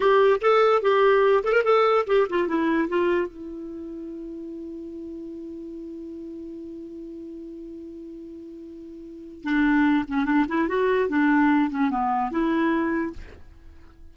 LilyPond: \new Staff \with { instrumentName = "clarinet" } { \time 4/4 \tempo 4 = 146 g'4 a'4 g'4. a'16 ais'16 | a'4 g'8 f'8 e'4 f'4 | e'1~ | e'1~ |
e'1~ | e'2. d'4~ | d'8 cis'8 d'8 e'8 fis'4 d'4~ | d'8 cis'8 b4 e'2 | }